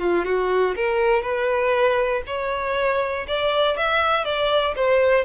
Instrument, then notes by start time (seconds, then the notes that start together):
violin
0.00 F4
0.25 F#4
0.76 A#4
1.22 B4
2.26 C#5
3.27 D5
3.77 E5
4.25 D5
4.76 C5